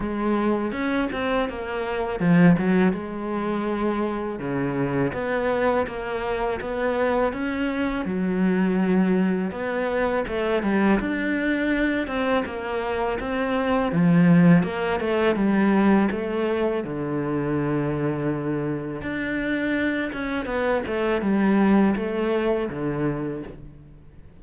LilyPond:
\new Staff \with { instrumentName = "cello" } { \time 4/4 \tempo 4 = 82 gis4 cis'8 c'8 ais4 f8 fis8 | gis2 cis4 b4 | ais4 b4 cis'4 fis4~ | fis4 b4 a8 g8 d'4~ |
d'8 c'8 ais4 c'4 f4 | ais8 a8 g4 a4 d4~ | d2 d'4. cis'8 | b8 a8 g4 a4 d4 | }